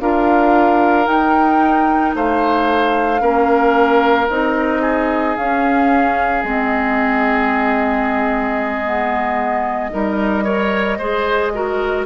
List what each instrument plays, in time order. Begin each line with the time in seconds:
0.00 bassoon D4, clarinet F4, oboe A#4, flute F5
1.05 clarinet D#4, bassoon D#4, flute G5
2.14 bassoon A3, oboe C5, flute F5
3.20 bassoon A#3, clarinet C#4, oboe A#4
4.29 bassoon C4, clarinet D#4, flute D#5
4.81 oboe G#4
5.36 bassoon C#4, clarinet C#4, flute F5
6.42 bassoon G#3, clarinet C4, flute D#5
8.84 clarinet B3
9.90 bassoon G3, clarinet D#4, oboe A#4
10.44 clarinet A#4, oboe C#5
10.98 bassoon G#3, clarinet G#4, oboe C5
11.54 clarinet F#4, oboe A#4